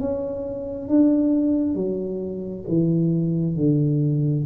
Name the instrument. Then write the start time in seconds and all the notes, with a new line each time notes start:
tuba
0.00 C#4
0.89 D4
1.75 F#3
2.68 E3
3.56 D3